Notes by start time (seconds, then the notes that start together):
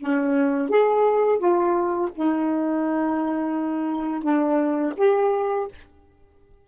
0.00 C#4
0.70 G#4
1.39 F4
2.16 D#4
4.24 D4
4.98 G4